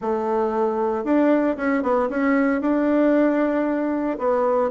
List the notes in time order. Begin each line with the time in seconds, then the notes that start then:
0.01 A3
1.04 D4
1.56 C#4
1.82 B3
2.09 C#4
2.61 D4
4.18 B3